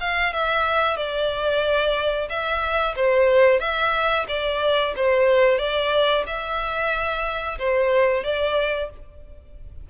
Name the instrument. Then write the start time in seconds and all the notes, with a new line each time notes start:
violin
0.00 F5
0.33 E5
0.96 D5
2.29 E5
2.96 C5
3.60 E5
4.28 D5
4.96 C5
5.58 D5
6.26 E5
7.59 C5
8.24 D5